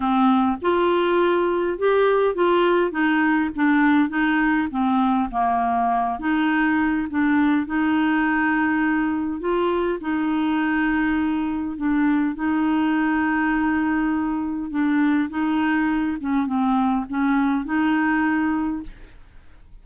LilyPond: \new Staff \with { instrumentName = "clarinet" } { \time 4/4 \tempo 4 = 102 c'4 f'2 g'4 | f'4 dis'4 d'4 dis'4 | c'4 ais4. dis'4. | d'4 dis'2. |
f'4 dis'2. | d'4 dis'2.~ | dis'4 d'4 dis'4. cis'8 | c'4 cis'4 dis'2 | }